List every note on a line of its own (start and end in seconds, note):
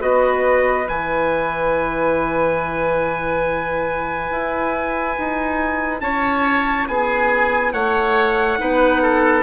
0.00 0.88 B3
0.00 0.85 F#4
0.00 6.01 B4
0.00 0.88 D#5
0.85 4.31 E3
0.85 8.57 E4
0.85 6.01 G#5
4.31 5.17 E4
5.19 6.02 D#4
6.01 6.87 C#4
6.01 6.89 C#5
6.01 6.87 A5
6.88 7.74 B3
6.88 7.73 G#4
6.88 7.73 G#5
7.73 8.59 A3
7.73 8.59 C#5
7.73 9.44 F#5
8.58 9.44 B3
8.58 9.44 D#4
8.58 9.03 B4
9.03 9.44 A4